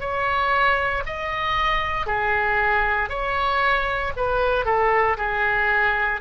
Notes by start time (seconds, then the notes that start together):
0.00 C#5
1.06 D#5
2.06 G#4
3.09 C#5
4.16 B4
4.65 A4
5.17 G#4